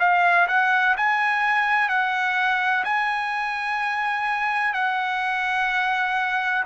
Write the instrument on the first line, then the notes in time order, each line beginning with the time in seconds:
trumpet
0.00 F5
0.48 F#5
0.97 G#5
1.89 F#5
2.84 G#5
4.74 F#5